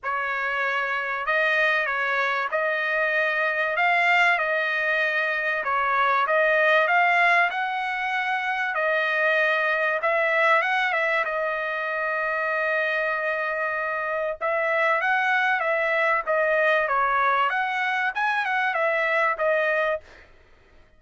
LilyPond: \new Staff \with { instrumentName = "trumpet" } { \time 4/4 \tempo 4 = 96 cis''2 dis''4 cis''4 | dis''2 f''4 dis''4~ | dis''4 cis''4 dis''4 f''4 | fis''2 dis''2 |
e''4 fis''8 e''8 dis''2~ | dis''2. e''4 | fis''4 e''4 dis''4 cis''4 | fis''4 gis''8 fis''8 e''4 dis''4 | }